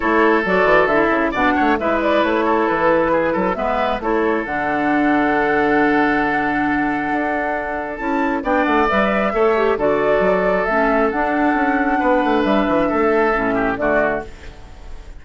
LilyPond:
<<
  \new Staff \with { instrumentName = "flute" } { \time 4/4 \tempo 4 = 135 cis''4 d''4 e''4 fis''4 | e''8 d''8 cis''4 b'2 | e''4 cis''4 fis''2~ | fis''1~ |
fis''2 a''4 g''8 fis''8 | e''2 d''2 | e''4 fis''2. | e''2. d''4 | }
  \new Staff \with { instrumentName = "oboe" } { \time 4/4 a'2. d''8 cis''8 | b'4. a'4. gis'8 a'8 | b'4 a'2.~ | a'1~ |
a'2. d''4~ | d''4 cis''4 a'2~ | a'2. b'4~ | b'4 a'4. g'8 fis'4 | }
  \new Staff \with { instrumentName = "clarinet" } { \time 4/4 e'4 fis'4 e'4 d'4 | e'1 | b4 e'4 d'2~ | d'1~ |
d'2 e'4 d'4 | b'4 a'8 g'8 fis'2 | cis'4 d'2.~ | d'2 cis'4 a4 | }
  \new Staff \with { instrumentName = "bassoon" } { \time 4/4 a4 fis8 e8 d8 cis8 b,8 a8 | gis4 a4 e4. fis8 | gis4 a4 d2~ | d1 |
d'2 cis'4 b8 a8 | g4 a4 d4 fis4 | a4 d'4 cis'4 b8 a8 | g8 e8 a4 a,4 d4 | }
>>